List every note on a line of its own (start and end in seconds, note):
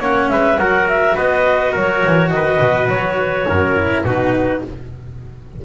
0.00 0.29 A#3
0.00 0.58 C#4
0.00 0.29 C#5
0.00 0.29 F#5
0.29 0.57 G#3
0.29 0.59 B4
0.29 0.58 E5
0.57 1.15 F#3
0.57 3.76 F#4
0.57 1.15 A#4
0.57 0.87 F#5
0.88 1.16 E5
1.15 1.75 B3
1.15 1.72 B4
1.15 1.74 D#5
1.72 2.04 F#3
1.72 2.30 A#4
1.72 2.30 C#5
2.06 2.31 E3
2.30 2.59 D#3
2.30 3.49 B4
2.30 2.87 D#5
2.59 2.88 B2
2.88 3.46 F#3
2.88 4.04 C#5
3.48 4.04 F#2
3.48 4.04 A#4
3.76 4.05 E4
4.04 4.62 B2
4.04 4.64 D#4
4.04 4.62 F#4
4.04 4.62 B4